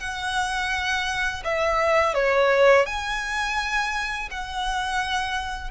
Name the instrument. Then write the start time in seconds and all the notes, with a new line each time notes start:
violin
0.00 F#5
1.44 E5
2.15 C#5
2.86 G#5
4.31 F#5